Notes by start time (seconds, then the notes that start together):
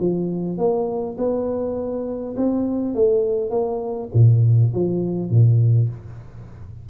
0.00 F3
0.58 A#3
1.18 B3
2.37 C4
2.95 A3
3.51 A#3
4.14 A#2
4.74 F3
5.30 A#2